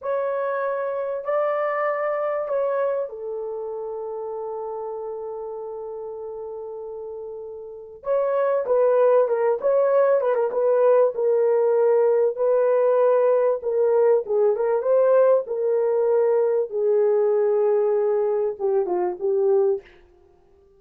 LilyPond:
\new Staff \with { instrumentName = "horn" } { \time 4/4 \tempo 4 = 97 cis''2 d''2 | cis''4 a'2.~ | a'1~ | a'4 cis''4 b'4 ais'8 cis''8~ |
cis''8 b'16 ais'16 b'4 ais'2 | b'2 ais'4 gis'8 ais'8 | c''4 ais'2 gis'4~ | gis'2 g'8 f'8 g'4 | }